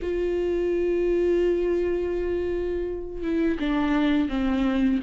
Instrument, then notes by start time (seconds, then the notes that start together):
viola
0.02 F4
3.22 E4
3.59 D4
4.29 C4